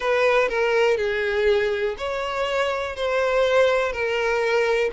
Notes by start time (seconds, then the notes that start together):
0.00 B4
0.48 A#4
0.97 G#4
1.97 C#5
2.96 C5
3.92 A#4